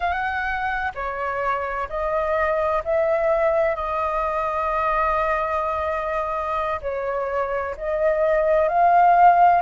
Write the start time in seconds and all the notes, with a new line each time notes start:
0.00 F#5
0.94 C#5
1.89 D#5
2.84 E5
3.75 D#5
6.81 C#5
7.77 D#5
8.68 F5